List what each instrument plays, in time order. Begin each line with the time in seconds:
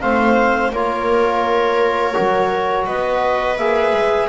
0.00 double bass A3, trombone C4, viola C5, clarinet F5
0.71 double bass A#3, trombone F4, viola A#4, clarinet C#5
2.13 double bass F#3, trombone F#4
2.86 double bass B3, viola B4, clarinet D#5
3.57 double bass A#3, trombone G#4, clarinet E5
3.92 double bass G#3